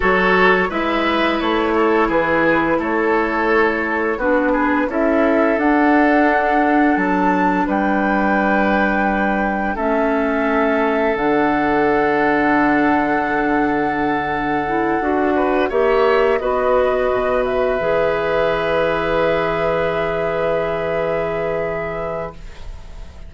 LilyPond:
<<
  \new Staff \with { instrumentName = "flute" } { \time 4/4 \tempo 4 = 86 cis''4 e''4 cis''4 b'4 | cis''2 b'4 e''4 | fis''2 a''4 g''4~ | g''2 e''2 |
fis''1~ | fis''2~ fis''8 e''4 dis''8~ | dis''4 e''2.~ | e''1 | }
  \new Staff \with { instrumentName = "oboe" } { \time 4/4 a'4 b'4. a'8 gis'4 | a'2 fis'8 gis'8 a'4~ | a'2. b'4~ | b'2 a'2~ |
a'1~ | a'2 b'8 cis''4 b'8~ | b'1~ | b'1 | }
  \new Staff \with { instrumentName = "clarinet" } { \time 4/4 fis'4 e'2.~ | e'2 d'4 e'4 | d'1~ | d'2 cis'2 |
d'1~ | d'4 e'8 fis'4 g'4 fis'8~ | fis'4. gis'2~ gis'8~ | gis'1 | }
  \new Staff \with { instrumentName = "bassoon" } { \time 4/4 fis4 gis4 a4 e4 | a2 b4 cis'4 | d'2 fis4 g4~ | g2 a2 |
d1~ | d4. d'4 ais4 b8~ | b8 b,4 e2~ e8~ | e1 | }
>>